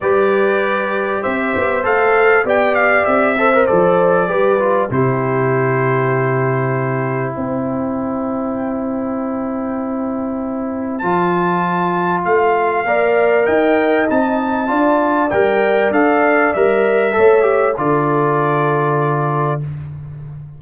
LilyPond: <<
  \new Staff \with { instrumentName = "trumpet" } { \time 4/4 \tempo 4 = 98 d''2 e''4 f''4 | g''8 f''8 e''4 d''2 | c''1 | g''1~ |
g''2 a''2 | f''2 g''4 a''4~ | a''4 g''4 f''4 e''4~ | e''4 d''2. | }
  \new Staff \with { instrumentName = "horn" } { \time 4/4 b'2 c''2 | d''4. c''4. b'4 | g'1 | c''1~ |
c''1~ | c''4 d''4 dis''2 | d''1 | cis''4 a'2. | }
  \new Staff \with { instrumentName = "trombone" } { \time 4/4 g'2. a'4 | g'4. a'16 ais'16 a'4 g'8 f'8 | e'1~ | e'1~ |
e'2 f'2~ | f'4 ais'2 dis'4 | f'4 ais'4 a'4 ais'4 | a'8 g'8 f'2. | }
  \new Staff \with { instrumentName = "tuba" } { \time 4/4 g2 c'8 b8 a4 | b4 c'4 f4 g4 | c1 | c'1~ |
c'2 f2 | a4 ais4 dis'4 c'4 | d'4 g4 d'4 g4 | a4 d2. | }
>>